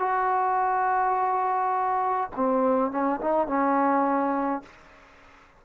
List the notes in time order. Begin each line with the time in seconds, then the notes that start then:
0.00 F#4
2.37 C4
2.92 C#4
3.21 D#4
3.48 C#4